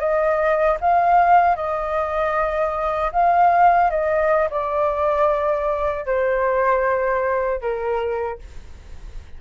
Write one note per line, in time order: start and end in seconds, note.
0.00 0.78 D#5
0.81 1.56 F5
1.56 3.12 D#5
3.13 3.91 F5
3.91 4.49 D#5
4.51 6.06 D5
6.06 7.62 C5
7.62 8.39 A#4